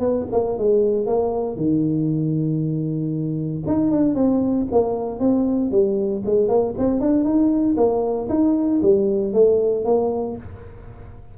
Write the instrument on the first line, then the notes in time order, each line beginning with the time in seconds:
tuba
0.00 B3
0.32 A#3
0.59 G#3
1.07 A#3
1.57 D#3
3.67 D#4
3.92 D4
4.15 C4
4.72 A#3
5.20 C4
5.72 G3
6.26 G#3
6.49 A#3
6.79 C4
7.01 D4
7.25 D#4
7.77 A#3
8.29 D#4
8.83 G3
9.34 A3
9.85 A#3